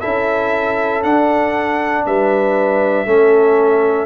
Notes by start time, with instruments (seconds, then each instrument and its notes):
0.00 tuba C#4, trombone E4, horn A4, trumpet E5
1.03 trombone D4, tuba D4, trumpet F#5
2.05 tuba G3, horn B4, trumpet E5
3.05 tuba A3, trombone C#4, horn A4